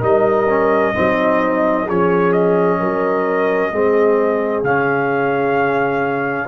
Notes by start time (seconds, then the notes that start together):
0.00 G3 D#4 A#4 D#5
0.49 C#4
0.94 F#3 C4 D#4
1.86 F3 C#4 G#4 C#5
2.32 D#5
2.79 F#3 A#4
3.71 G#3 C4 G#4
4.63 C#3 C#4 F5